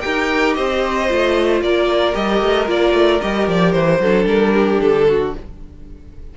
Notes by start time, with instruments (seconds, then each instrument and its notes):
0.00 cello D#4, viola G4, violin A#4 G5
0.54 cello C4, violin C5 D#5
1.09 cello A3, viola F4
1.61 cello A#3, violin A#4 D5
2.12 cello G3, viola G4, violin D#5
2.41 cello A3
2.66 cello A#3, viola F4, violin D5
2.92 cello A3
3.21 cello G3, viola G4, violin D#5
3.47 cello F3, violin D5
3.72 cello E3, violin C5
3.99 cello F#3, viola D4, violin A4
4.25 cello G3, violin A#4
4.54 violin G4
4.81 cello D3, violin A4
5.08 violin F#4